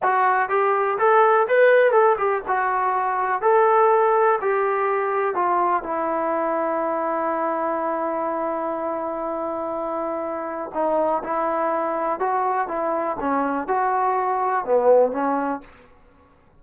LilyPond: \new Staff \with { instrumentName = "trombone" } { \time 4/4 \tempo 4 = 123 fis'4 g'4 a'4 b'4 | a'8 g'8 fis'2 a'4~ | a'4 g'2 f'4 | e'1~ |
e'1~ | e'2 dis'4 e'4~ | e'4 fis'4 e'4 cis'4 | fis'2 b4 cis'4 | }